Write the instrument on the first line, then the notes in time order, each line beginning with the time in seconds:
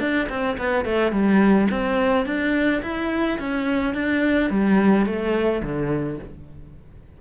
cello
0.00 D4
0.29 C4
0.58 B3
0.85 A3
1.12 G3
1.71 C4
2.26 D4
2.83 E4
3.39 C#4
3.94 D4
4.50 G3
5.06 A3
5.64 D3